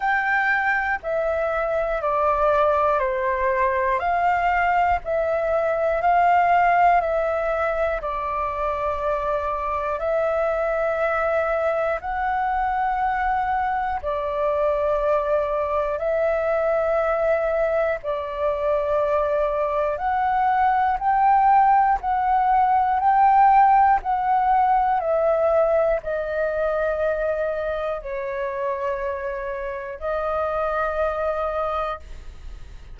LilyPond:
\new Staff \with { instrumentName = "flute" } { \time 4/4 \tempo 4 = 60 g''4 e''4 d''4 c''4 | f''4 e''4 f''4 e''4 | d''2 e''2 | fis''2 d''2 |
e''2 d''2 | fis''4 g''4 fis''4 g''4 | fis''4 e''4 dis''2 | cis''2 dis''2 | }